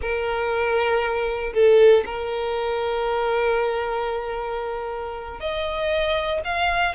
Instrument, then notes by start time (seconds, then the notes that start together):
violin
0.01 A#4
1.53 A4
2.05 A#4
5.40 D#5
6.44 F5